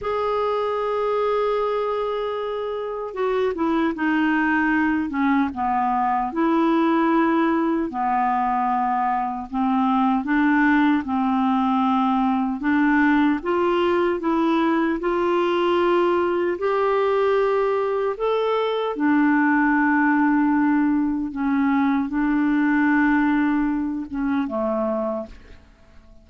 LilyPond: \new Staff \with { instrumentName = "clarinet" } { \time 4/4 \tempo 4 = 76 gis'1 | fis'8 e'8 dis'4. cis'8 b4 | e'2 b2 | c'4 d'4 c'2 |
d'4 f'4 e'4 f'4~ | f'4 g'2 a'4 | d'2. cis'4 | d'2~ d'8 cis'8 a4 | }